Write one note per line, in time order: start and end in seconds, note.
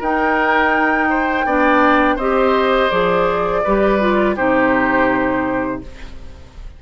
0.00 1.45 D#4
0.00 1.47 D#4
0.00 1.08 A#4
0.00 2.19 G5
1.10 1.46 C5
1.45 2.17 B3
1.45 2.19 D4
1.45 2.16 D5
2.16 2.89 C4
2.16 2.91 G4
2.16 3.61 C5
2.16 2.91 D#5
2.91 3.64 F3
2.91 3.63 G#4
2.91 4.35 D5
3.64 4.38 G3
3.64 4.00 G4
3.64 4.36 B4
4.00 4.37 F4
4.36 5.82 C3
4.36 5.82 D#4
4.36 5.81 G4
4.36 5.81 C5